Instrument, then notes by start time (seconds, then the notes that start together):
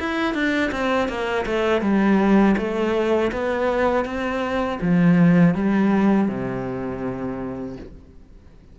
cello
0.00 E4
0.34 D4
0.72 C4
1.09 A#3
1.46 A3
1.81 G3
2.58 A3
3.32 B3
4.05 C4
4.82 F3
5.55 G3
6.29 C3